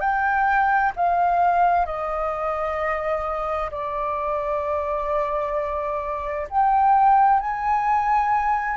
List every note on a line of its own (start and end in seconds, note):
0.00 0.92 G5
0.96 1.85 F5
1.85 3.70 D#5
3.71 6.48 D5
6.50 7.40 G5
7.40 8.77 G#5